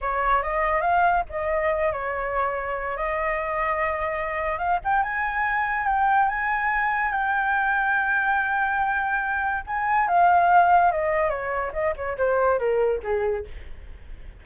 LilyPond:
\new Staff \with { instrumentName = "flute" } { \time 4/4 \tempo 4 = 143 cis''4 dis''4 f''4 dis''4~ | dis''8 cis''2~ cis''8 dis''4~ | dis''2. f''8 g''8 | gis''2 g''4 gis''4~ |
gis''4 g''2.~ | g''2. gis''4 | f''2 dis''4 cis''4 | dis''8 cis''8 c''4 ais'4 gis'4 | }